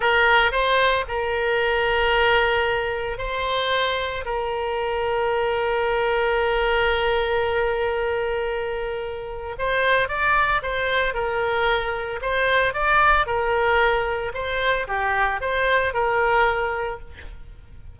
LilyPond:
\new Staff \with { instrumentName = "oboe" } { \time 4/4 \tempo 4 = 113 ais'4 c''4 ais'2~ | ais'2 c''2 | ais'1~ | ais'1~ |
ais'2 c''4 d''4 | c''4 ais'2 c''4 | d''4 ais'2 c''4 | g'4 c''4 ais'2 | }